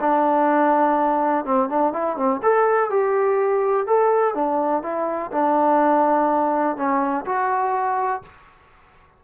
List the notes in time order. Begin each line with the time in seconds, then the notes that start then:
0.00 D4
1.45 C4
1.69 D4
1.93 E4
2.16 C4
2.42 A4
2.90 G4
3.86 A4
4.34 D4
4.82 E4
5.31 D4
6.76 C#4
7.25 F#4